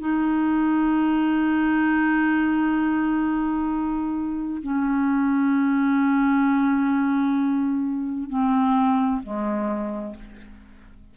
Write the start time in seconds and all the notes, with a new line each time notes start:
0.00 D#4
4.62 C#4
8.29 C4
9.23 G#3